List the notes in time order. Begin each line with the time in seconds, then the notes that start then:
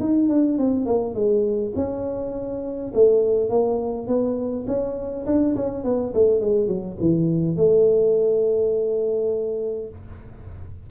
0.00 D#4
0.29 D4
0.58 C4
0.86 A#3
1.14 G#3
1.75 C#4
2.94 A3
3.49 A#3
4.07 B3
4.67 C#4
5.26 D4
5.55 C#4
5.84 B3
6.14 A3
6.40 G#3
6.68 F#3
7.00 E3
7.56 A3